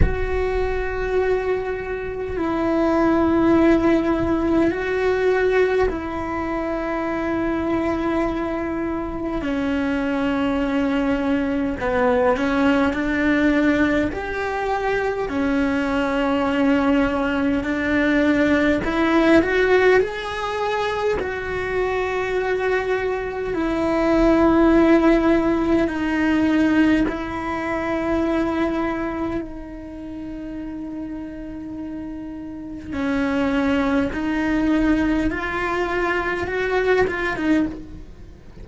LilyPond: \new Staff \with { instrumentName = "cello" } { \time 4/4 \tempo 4 = 51 fis'2 e'2 | fis'4 e'2. | cis'2 b8 cis'8 d'4 | g'4 cis'2 d'4 |
e'8 fis'8 gis'4 fis'2 | e'2 dis'4 e'4~ | e'4 dis'2. | cis'4 dis'4 f'4 fis'8 f'16 dis'16 | }